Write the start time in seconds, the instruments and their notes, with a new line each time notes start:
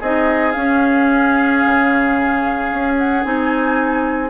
0.00 bassoon C4, clarinet D#4, oboe G#4, flute D#5
0.52 clarinet C#4, bassoon C#4, flute F5
1.65 bassoon C#3
2.72 bassoon C#4
2.98 flute F#5
3.23 bassoon C4, clarinet D#4, flute G#5